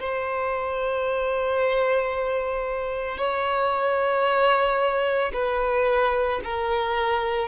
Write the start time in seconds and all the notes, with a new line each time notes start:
0.00 C5
3.18 C#5
5.34 B4
6.44 A#4